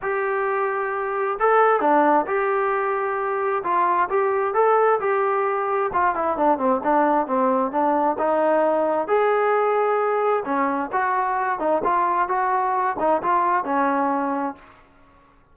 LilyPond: \new Staff \with { instrumentName = "trombone" } { \time 4/4 \tempo 4 = 132 g'2. a'4 | d'4 g'2. | f'4 g'4 a'4 g'4~ | g'4 f'8 e'8 d'8 c'8 d'4 |
c'4 d'4 dis'2 | gis'2. cis'4 | fis'4. dis'8 f'4 fis'4~ | fis'8 dis'8 f'4 cis'2 | }